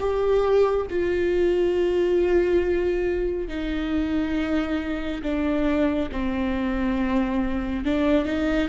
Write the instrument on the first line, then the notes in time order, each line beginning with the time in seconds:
viola
0.00 G4
0.91 F4
3.49 D#4
5.23 D4
6.12 C4
7.85 D4
8.26 D#4